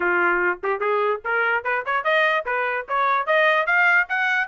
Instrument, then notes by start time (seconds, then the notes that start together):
trumpet
0.00 F4
0.63 G4
0.80 G#4
1.24 A#4
1.63 B4
1.85 C#5
2.04 D#5
2.45 B4
2.88 C#5
3.26 D#5
3.66 F5
4.09 F#5